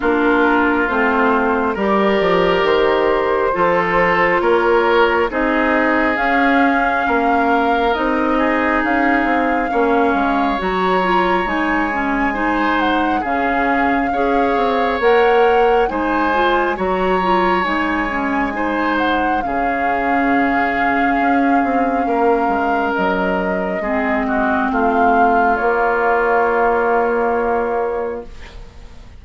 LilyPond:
<<
  \new Staff \with { instrumentName = "flute" } { \time 4/4 \tempo 4 = 68 ais'4 c''4 d''4 c''4~ | c''4 cis''4 dis''4 f''4~ | f''4 dis''4 f''2 | ais''4 gis''4. fis''8 f''4~ |
f''4 fis''4 gis''4 ais''4 | gis''4. fis''8 f''2~ | f''2 dis''2 | f''4 cis''2. | }
  \new Staff \with { instrumentName = "oboe" } { \time 4/4 f'2 ais'2 | a'4 ais'4 gis'2 | ais'4. gis'4. cis''4~ | cis''2 c''4 gis'4 |
cis''2 c''4 cis''4~ | cis''4 c''4 gis'2~ | gis'4 ais'2 gis'8 fis'8 | f'1 | }
  \new Staff \with { instrumentName = "clarinet" } { \time 4/4 d'4 c'4 g'2 | f'2 dis'4 cis'4~ | cis'4 dis'2 cis'4 | fis'8 f'8 dis'8 cis'8 dis'4 cis'4 |
gis'4 ais'4 dis'8 f'8 fis'8 f'8 | dis'8 cis'8 dis'4 cis'2~ | cis'2. c'4~ | c'4 ais2. | }
  \new Staff \with { instrumentName = "bassoon" } { \time 4/4 ais4 a4 g8 f8 dis4 | f4 ais4 c'4 cis'4 | ais4 c'4 cis'8 c'8 ais8 gis8 | fis4 gis2 cis4 |
cis'8 c'8 ais4 gis4 fis4 | gis2 cis2 | cis'8 c'8 ais8 gis8 fis4 gis4 | a4 ais2. | }
>>